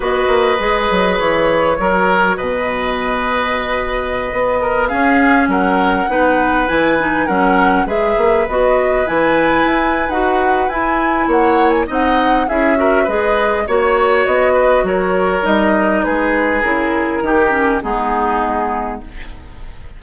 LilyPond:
<<
  \new Staff \with { instrumentName = "flute" } { \time 4/4 \tempo 4 = 101 dis''2 cis''2 | dis''1~ | dis''16 f''4 fis''2 gis''8.~ | gis''16 fis''4 e''4 dis''4 gis''8.~ |
gis''4 fis''4 gis''4 fis''8. gis''16 | fis''4 e''4 dis''4 cis''4 | dis''4 cis''4 dis''4 b'4 | ais'2 gis'2 | }
  \new Staff \with { instrumentName = "oboe" } { \time 4/4 b'2. ais'4 | b'2.~ b'8. ais'16~ | ais'16 gis'4 ais'4 b'4.~ b'16~ | b'16 ais'4 b'2~ b'8.~ |
b'2. cis''4 | dis''4 gis'8 ais'8 b'4 cis''4~ | cis''8 b'8 ais'2 gis'4~ | gis'4 g'4 dis'2 | }
  \new Staff \with { instrumentName = "clarinet" } { \time 4/4 fis'4 gis'2 fis'4~ | fis'1~ | fis'16 cis'2 dis'4 e'8 dis'16~ | dis'16 cis'4 gis'4 fis'4 e'8.~ |
e'4 fis'4 e'2 | dis'4 e'8 fis'8 gis'4 fis'4~ | fis'2 dis'2 | e'4 dis'8 cis'8 b2 | }
  \new Staff \with { instrumentName = "bassoon" } { \time 4/4 b8 ais8 gis8 fis8 e4 fis4 | b,2.~ b,16 b8.~ | b16 cis'4 fis4 b4 e8.~ | e16 fis4 gis8 ais8 b4 e8.~ |
e16 e'8. dis'4 e'4 ais4 | c'4 cis'4 gis4 ais4 | b4 fis4 g4 gis4 | cis4 dis4 gis2 | }
>>